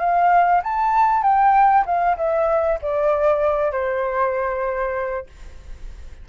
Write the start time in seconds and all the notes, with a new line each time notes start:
0.00 F5
0.64 A5
1.23 G5
1.86 F5
2.17 E5
2.82 D5
3.72 C5